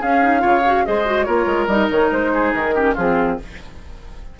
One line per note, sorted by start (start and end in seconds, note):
0.00 0.21 C#4
0.00 0.43 C#4
0.00 0.42 G#4
0.00 0.85 F5
0.22 0.39 D#4
0.39 0.85 C#3
0.39 0.60 F4
0.39 0.84 C#5
0.66 0.86 F#4
0.85 1.27 G#3
0.85 1.06 G#4
0.85 1.26 C5
0.85 1.24 D#5
1.06 1.26 F#4
1.24 1.46 A#3
1.24 1.68 F4
1.24 2.31 A#4
1.24 1.65 C#5
1.46 1.67 G#3
1.67 1.88 G3
1.67 2.74 D#4
1.67 1.88 D#5
1.90 2.11 D#3
1.90 2.11 C#5
2.11 2.53 G#3
2.11 2.53 C5
2.34 2.75 G#4
2.53 2.95 D#3
2.53 2.94 A#4
2.74 2.95 C#4
2.74 2.94 G4
2.94 3.39 F3
2.94 3.40 C4
2.94 3.36 F4
2.94 3.39 G#4